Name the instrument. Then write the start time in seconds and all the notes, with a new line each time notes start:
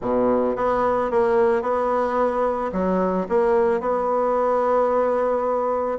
bassoon
0.01 B2
0.56 B3
1.10 A#3
1.62 B3
2.72 F#3
3.29 A#3
3.80 B3